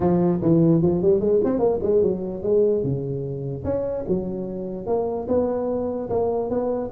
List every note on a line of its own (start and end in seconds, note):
0.00 0.40 F3
0.41 0.82 E3
0.82 1.02 F3
1.02 1.20 G3
1.20 1.40 G#3
1.44 1.59 C4
1.59 1.79 A#3
1.82 2.02 G#3
2.02 2.42 F#3
2.42 2.83 G#3
2.83 3.64 C#3
3.64 4.04 C#4
4.08 4.86 F#3
4.86 5.27 A#3
5.28 6.09 B3
6.09 6.50 A#3
6.50 6.90 B3